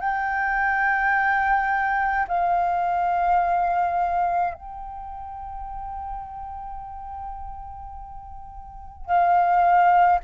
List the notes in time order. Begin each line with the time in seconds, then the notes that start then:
0.00 G5
2.28 F5
4.54 G5
9.06 F5